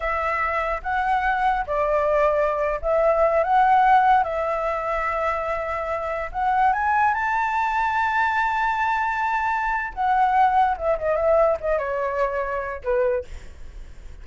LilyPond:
\new Staff \with { instrumentName = "flute" } { \time 4/4 \tempo 4 = 145 e''2 fis''2 | d''2~ d''8. e''4~ e''16~ | e''16 fis''2 e''4.~ e''16~ | e''2.~ e''16 fis''8.~ |
fis''16 gis''4 a''2~ a''8.~ | a''1 | fis''2 e''8 dis''8 e''4 | dis''8 cis''2~ cis''8 b'4 | }